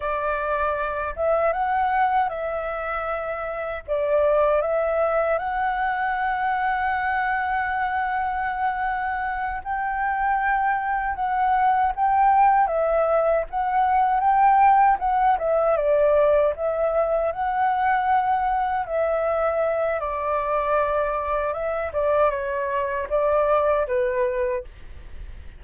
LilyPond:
\new Staff \with { instrumentName = "flute" } { \time 4/4 \tempo 4 = 78 d''4. e''8 fis''4 e''4~ | e''4 d''4 e''4 fis''4~ | fis''1~ | fis''8 g''2 fis''4 g''8~ |
g''8 e''4 fis''4 g''4 fis''8 | e''8 d''4 e''4 fis''4.~ | fis''8 e''4. d''2 | e''8 d''8 cis''4 d''4 b'4 | }